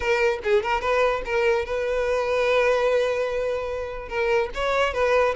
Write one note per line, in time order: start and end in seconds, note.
0.00 0.39 A#4
0.43 0.63 G#4
0.63 0.81 A#4
0.81 1.22 B4
1.25 1.65 A#4
1.65 4.08 B4
4.08 4.49 A#4
4.54 4.93 C#5
4.93 5.34 B4